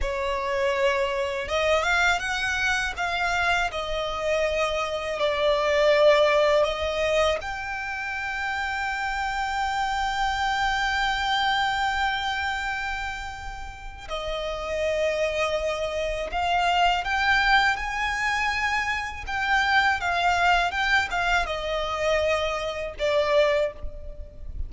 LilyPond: \new Staff \with { instrumentName = "violin" } { \time 4/4 \tempo 4 = 81 cis''2 dis''8 f''8 fis''4 | f''4 dis''2 d''4~ | d''4 dis''4 g''2~ | g''1~ |
g''2. dis''4~ | dis''2 f''4 g''4 | gis''2 g''4 f''4 | g''8 f''8 dis''2 d''4 | }